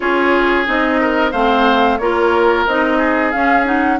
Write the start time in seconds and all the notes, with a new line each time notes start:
0.00 C#4 F4 G#4 C#5
0.65 C4 D#4 D#5
1.01 A#4
1.31 A3 C4 C5 F5
1.98 A#3 F4 A#4 C#5
2.67 C4 D#4 D#5
2.98 G#4
3.31 C#4 F5
3.65 D#4 F#5